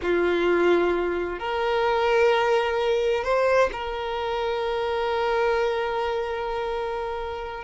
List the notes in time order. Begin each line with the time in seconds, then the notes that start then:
0.01 F4
1.39 A#4
3.23 C5
3.72 A#4